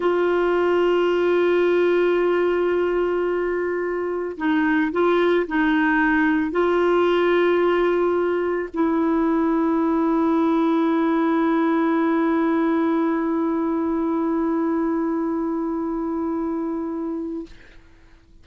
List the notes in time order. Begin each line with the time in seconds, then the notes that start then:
0.00 F4
4.37 D#4
4.91 F4
5.47 D#4
6.51 F4
8.73 E4